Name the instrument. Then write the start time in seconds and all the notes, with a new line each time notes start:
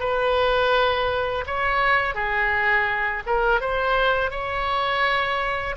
oboe
0.00 B4
1.47 C#5
2.15 G#4
3.26 A#4
3.61 C5
4.31 C#5